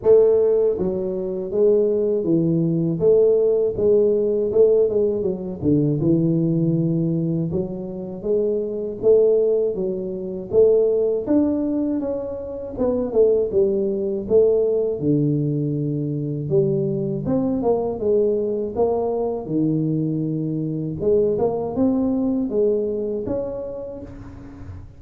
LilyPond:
\new Staff \with { instrumentName = "tuba" } { \time 4/4 \tempo 4 = 80 a4 fis4 gis4 e4 | a4 gis4 a8 gis8 fis8 d8 | e2 fis4 gis4 | a4 fis4 a4 d'4 |
cis'4 b8 a8 g4 a4 | d2 g4 c'8 ais8 | gis4 ais4 dis2 | gis8 ais8 c'4 gis4 cis'4 | }